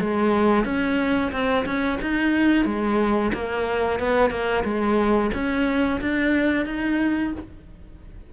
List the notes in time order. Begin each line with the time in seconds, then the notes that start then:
0.00 G#3
0.65 C#4
1.32 C4
1.65 C#4
2.02 D#4
2.65 G#3
3.34 A#3
4.00 B3
4.30 A#3
4.64 G#3
5.34 C#4
6.01 D4
6.66 D#4